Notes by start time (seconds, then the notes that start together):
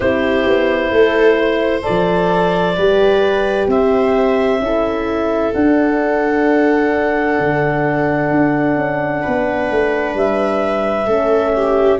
0.00 C4 E4 G4 C5
0.46 B3
0.91 A3 A4
1.38 C5
1.82 A4 D5
1.88 F3
2.76 G3 G4 B4
3.67 C4 C5 E5
4.59 C#4 E4 A4
5.53 D4 F#5
7.39 D3
8.31 D4
8.76 C#4
9.22 B3 B4
9.71 A3
10.14 G3 E5
11.06 A3 C#4 A4
11.55 G4